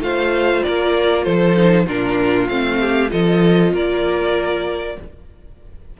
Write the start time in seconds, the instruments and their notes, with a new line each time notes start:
0.00 cello A3, viola F4, violin C5 F5
0.63 cello A#3, violin A#4 D5
1.24 cello F3, violin A4 C5
1.56 viola D#4
1.86 cello A#2, viola D4, violin F4 A#4
2.48 cello A3, viola C4, violin F5
2.80 violin G4
3.09 cello F3, viola F4, violin A4 D#5
3.73 cello A#3, violin A#4 D5